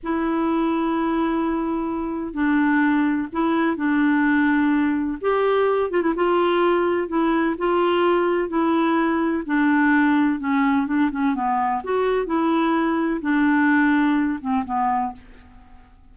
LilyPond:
\new Staff \with { instrumentName = "clarinet" } { \time 4/4 \tempo 4 = 127 e'1~ | e'4 d'2 e'4 | d'2. g'4~ | g'8 f'16 e'16 f'2 e'4 |
f'2 e'2 | d'2 cis'4 d'8 cis'8 | b4 fis'4 e'2 | d'2~ d'8 c'8 b4 | }